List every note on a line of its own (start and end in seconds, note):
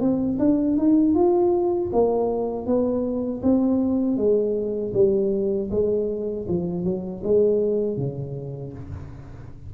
0.00 0.38 C4
0.39 0.77 D4
0.77 1.14 D#4
1.14 1.90 F4
1.92 2.66 A#3
2.66 3.42 B3
3.42 4.16 C4
4.16 4.92 G#3
4.93 5.69 G3
5.70 6.46 G#3
6.48 6.84 F3
6.84 7.22 F#3
7.23 7.96 G#3
7.96 8.72 C#3